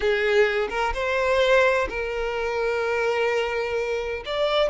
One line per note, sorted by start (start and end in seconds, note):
0.00 0.68 G#4
0.69 0.93 A#4
0.94 1.87 C5
1.89 4.23 A#4
4.25 4.69 D5